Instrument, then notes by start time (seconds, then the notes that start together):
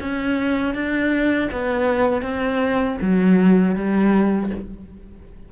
cello
0.00 C#4
0.74 D4
1.51 B3
2.22 C4
3.01 F#3
3.75 G3